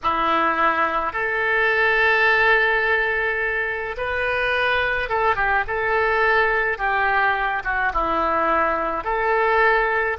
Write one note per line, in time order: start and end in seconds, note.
0.03 1.13 E4
1.13 3.96 A4
3.97 5.09 B4
5.09 5.35 A4
5.35 5.63 G4
5.67 6.78 A4
6.78 7.63 G4
7.64 7.92 F#4
7.93 9.04 E4
9.04 10.17 A4